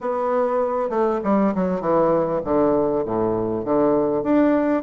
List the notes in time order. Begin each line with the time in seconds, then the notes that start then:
0.01 B3
0.89 A3
1.23 G3
1.54 F#3
1.80 E3
2.44 D3
3.05 A2
3.64 D3
4.23 D4